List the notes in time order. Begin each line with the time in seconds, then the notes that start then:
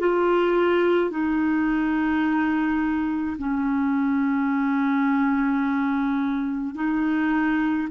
0.00 F4
1.11 D#4
3.39 C#4
6.75 D#4